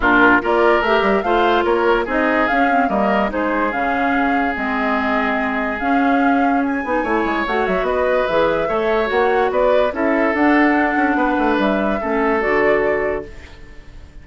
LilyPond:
<<
  \new Staff \with { instrumentName = "flute" } { \time 4/4 \tempo 4 = 145 ais'4 d''4 e''4 f''4 | cis''4 dis''4 f''4 dis''4 | c''4 f''2 dis''4~ | dis''2 f''2 |
gis''2 fis''8 e''8 dis''4 | e''2 fis''4 d''4 | e''4 fis''2. | e''2 d''2 | }
  \new Staff \with { instrumentName = "oboe" } { \time 4/4 f'4 ais'2 c''4 | ais'4 gis'2 ais'4 | gis'1~ | gis'1~ |
gis'4 cis''2 b'4~ | b'4 cis''2 b'4 | a'2. b'4~ | b'4 a'2. | }
  \new Staff \with { instrumentName = "clarinet" } { \time 4/4 d'4 f'4 g'4 f'4~ | f'4 dis'4 cis'8 c'8 ais4 | dis'4 cis'2 c'4~ | c'2 cis'2~ |
cis'8 dis'8 e'4 fis'2 | gis'4 a'4 fis'2 | e'4 d'2.~ | d'4 cis'4 fis'2 | }
  \new Staff \with { instrumentName = "bassoon" } { \time 4/4 ais,4 ais4 a8 g8 a4 | ais4 c'4 cis'4 g4 | gis4 cis2 gis4~ | gis2 cis'2~ |
cis'8 b8 a8 gis8 a8 fis8 b4 | e4 a4 ais4 b4 | cis'4 d'4. cis'8 b8 a8 | g4 a4 d2 | }
>>